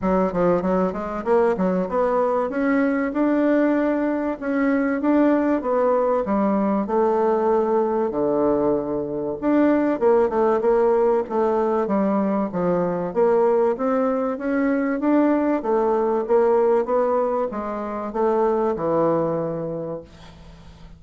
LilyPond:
\new Staff \with { instrumentName = "bassoon" } { \time 4/4 \tempo 4 = 96 fis8 f8 fis8 gis8 ais8 fis8 b4 | cis'4 d'2 cis'4 | d'4 b4 g4 a4~ | a4 d2 d'4 |
ais8 a8 ais4 a4 g4 | f4 ais4 c'4 cis'4 | d'4 a4 ais4 b4 | gis4 a4 e2 | }